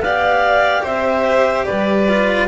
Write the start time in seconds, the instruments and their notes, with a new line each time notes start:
0.00 double bass B3, cello G4, violin D5, clarinet F5
0.82 double bass C4, violin C5, clarinet E5
1.65 double bass G3, violin B4, clarinet D5
2.08 cello F4